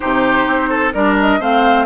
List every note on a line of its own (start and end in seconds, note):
0.00 0.47 C3
0.00 0.93 D#4
0.00 0.69 G4
0.00 0.92 C5
0.47 0.94 C4
0.69 0.93 A4
0.93 1.39 G3
0.93 1.40 D4
0.93 1.40 A#4
0.93 1.17 D5
1.20 1.42 D#5
1.39 1.85 A3
1.39 1.85 C4
1.39 1.85 C5
1.39 1.85 F5